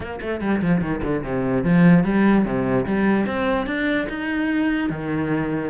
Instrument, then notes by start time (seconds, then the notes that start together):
cello
0.00 A#3
0.21 A3
0.40 G3
0.61 F3
0.81 D#3
1.03 D3
1.23 C3
1.64 F3
2.04 G3
2.45 C3
2.86 G3
3.26 C4
3.66 D4
4.08 D#4
4.89 D#3